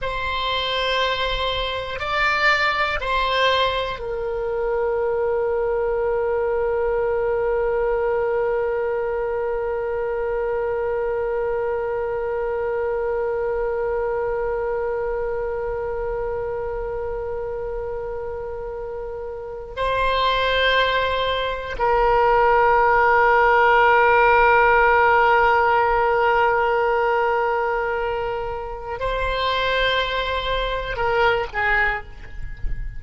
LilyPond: \new Staff \with { instrumentName = "oboe" } { \time 4/4 \tempo 4 = 60 c''2 d''4 c''4 | ais'1~ | ais'1~ | ais'1~ |
ais'2.~ ais'8. c''16~ | c''4.~ c''16 ais'2~ ais'16~ | ais'1~ | ais'4 c''2 ais'8 gis'8 | }